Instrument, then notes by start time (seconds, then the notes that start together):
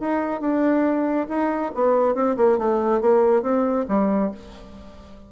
bassoon
0.00 D#4
0.41 D4
1.29 D#4
1.75 B3
2.15 C4
2.37 A#3
2.58 A3
3.01 A#3
3.43 C4
3.88 G3